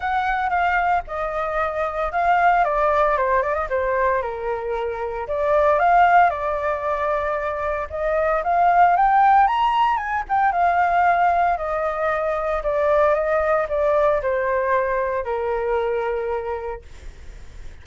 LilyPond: \new Staff \with { instrumentName = "flute" } { \time 4/4 \tempo 4 = 114 fis''4 f''4 dis''2 | f''4 d''4 c''8 d''16 dis''16 c''4 | ais'2 d''4 f''4 | d''2. dis''4 |
f''4 g''4 ais''4 gis''8 g''8 | f''2 dis''2 | d''4 dis''4 d''4 c''4~ | c''4 ais'2. | }